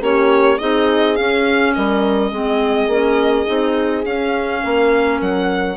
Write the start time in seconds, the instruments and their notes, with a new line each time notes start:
0.00 bassoon A#3, clarinet C#4, horn G4, violin C#5
0.58 bassoon C4, clarinet D#4, horn G#4, violin D#5
1.16 clarinet C#4, bassoon C#4, violin F5
1.74 bassoon G3, horn A#4, violin D#5
2.31 bassoon G#3, clarinet C4, horn G#4
2.87 bassoon A#3, clarinet C#4
3.46 bassoon C4, clarinet D#4
4.05 bassoon C#4, clarinet C#4, violin F5
4.63 bassoon A#3, horn A#4
5.21 bassoon F#3, violin F#5